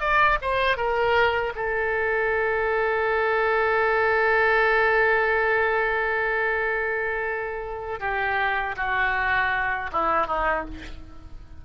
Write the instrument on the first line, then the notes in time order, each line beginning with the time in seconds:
oboe
0.00 D5
0.41 C5
0.77 A#4
1.55 A4
8.00 G4
8.77 F#4
9.92 E4
10.27 D#4